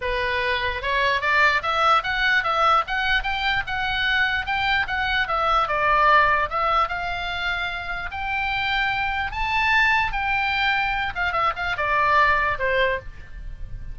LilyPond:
\new Staff \with { instrumentName = "oboe" } { \time 4/4 \tempo 4 = 148 b'2 cis''4 d''4 | e''4 fis''4 e''4 fis''4 | g''4 fis''2 g''4 | fis''4 e''4 d''2 |
e''4 f''2. | g''2. a''4~ | a''4 g''2~ g''8 f''8 | e''8 f''8 d''2 c''4 | }